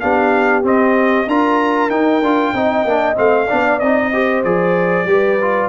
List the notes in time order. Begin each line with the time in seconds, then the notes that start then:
0.00 B3 D4 G4 F5
0.64 C4 D#5
1.27 D4 F4 A#4 A#5
1.90 D#4 G5
2.22 D4 F4
2.54 C4 D#4 D#5
2.85 A#3 D4
3.16 A3 C4 F5
3.47 B3 D4 D5
3.80 C4 D#4 D#5
4.13 G4 C5
4.44 F3 G#4 D5
5.05 G3 G4 B4
5.42 F4